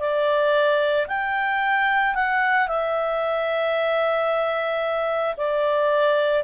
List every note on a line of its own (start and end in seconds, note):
0.00 1.07 D5
1.08 2.15 G5
2.15 2.68 F#5
2.68 5.36 E5
5.38 6.44 D5